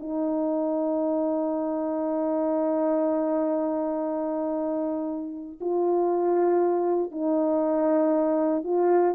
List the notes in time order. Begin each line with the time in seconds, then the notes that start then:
0.00 D#4
5.61 F4
7.11 D#4
8.64 F4